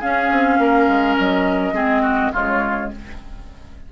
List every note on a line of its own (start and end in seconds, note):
0.00 0.31 C#4
0.00 1.75 C#4
0.00 0.58 G#4
0.00 1.16 F5
0.31 0.58 C4
0.58 0.87 A#3
0.58 1.74 A#4
0.88 1.16 G#3
1.19 1.72 F#3
1.19 2.34 D#5
1.72 2.30 G#3
1.72 2.33 C4
1.72 2.02 G#4
2.02 2.31 F#4
2.33 2.92 C#3
2.33 2.91 G#3
2.33 2.91 F4
2.33 2.91 C#5